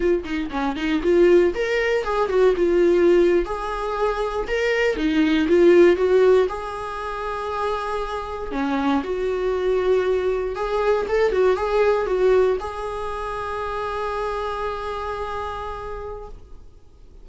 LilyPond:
\new Staff \with { instrumentName = "viola" } { \time 4/4 \tempo 4 = 118 f'8 dis'8 cis'8 dis'8 f'4 ais'4 | gis'8 fis'8 f'4.~ f'16 gis'4~ gis'16~ | gis'8. ais'4 dis'4 f'4 fis'16~ | fis'8. gis'2.~ gis'16~ |
gis'8. cis'4 fis'2~ fis'16~ | fis'8. gis'4 a'8 fis'8 gis'4 fis'16~ | fis'8. gis'2.~ gis'16~ | gis'1 | }